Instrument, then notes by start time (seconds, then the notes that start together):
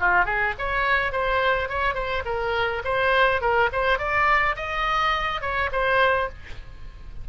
oboe
0.00 F4
0.25 G#4
0.58 C#5
1.12 C5
1.69 C#5
1.94 C5
2.25 A#4
2.85 C5
3.41 A#4
3.72 C5
3.98 D5
4.56 D#5
5.41 C#5
5.72 C5